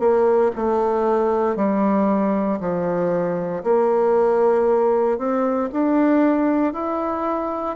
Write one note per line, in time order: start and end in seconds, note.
0.00 0.52 A#3
0.56 1.57 A3
1.57 2.60 G3
2.61 3.64 F3
3.64 5.19 A#3
5.19 5.70 C4
5.73 6.74 D4
6.74 7.76 E4